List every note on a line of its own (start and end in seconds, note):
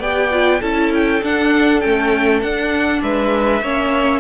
0.00 0.60 B3
0.00 0.31 G4
0.00 0.60 D5
0.00 0.61 G5
0.31 0.61 F4
0.60 1.22 C#4
0.60 1.22 E4
0.60 3.00 A4
0.60 0.92 A5
0.94 1.24 G5
1.23 1.83 D4
1.23 1.82 D4
1.23 1.80 F#5
1.80 2.42 A3
1.80 2.42 C#4
1.80 2.40 G5
2.42 3.02 D4
2.42 3.63 D4
2.42 3.02 F#5
3.02 3.61 G#3
3.02 3.63 B4
3.02 4.20 E5
3.61 4.20 A#3
3.61 4.20 C#4
3.61 4.20 C#5